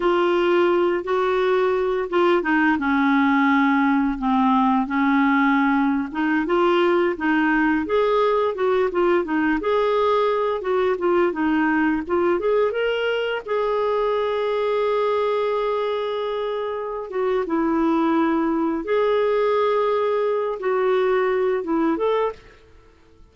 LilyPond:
\new Staff \with { instrumentName = "clarinet" } { \time 4/4 \tempo 4 = 86 f'4. fis'4. f'8 dis'8 | cis'2 c'4 cis'4~ | cis'8. dis'8 f'4 dis'4 gis'8.~ | gis'16 fis'8 f'8 dis'8 gis'4. fis'8 f'16~ |
f'16 dis'4 f'8 gis'8 ais'4 gis'8.~ | gis'1~ | gis'8 fis'8 e'2 gis'4~ | gis'4. fis'4. e'8 a'8 | }